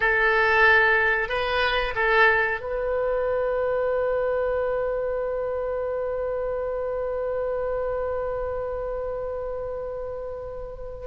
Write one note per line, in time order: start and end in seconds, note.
0.00 1.29 A4
1.29 1.94 B4
1.95 2.60 A4
2.60 11.07 B4